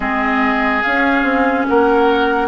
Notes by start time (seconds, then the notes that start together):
0.00 G#3 C4 G#4 D#5
0.82 C#4 F5
1.23 C4
1.67 A#3 A#4 F#5